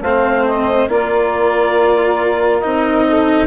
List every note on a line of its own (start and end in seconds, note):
0.00 0.87 A3
0.00 0.89 C4
0.00 0.89 C5
0.00 0.46 F5
0.46 0.89 D#5
0.88 2.62 A#3
0.88 2.62 F4
0.88 3.07 A#4
0.88 2.59 D5
2.59 3.46 C4
2.59 3.46 D#4
2.59 3.46 D#5
3.07 3.46 A4